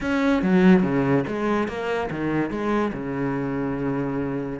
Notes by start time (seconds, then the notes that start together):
0.00 C#4
0.42 F#3
0.82 C#3
1.27 G#3
1.67 A#3
2.10 D#3
2.50 G#3
2.93 C#3